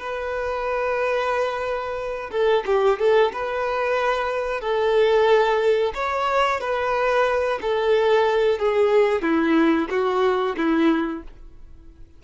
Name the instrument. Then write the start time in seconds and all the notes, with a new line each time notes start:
violin
0.00 B4
2.32 A4
2.66 G4
2.99 A4
3.33 B4
4.61 A4
5.95 C#5
6.61 B4
7.62 A4
8.59 G#4
9.22 E4
9.91 F#4
10.57 E4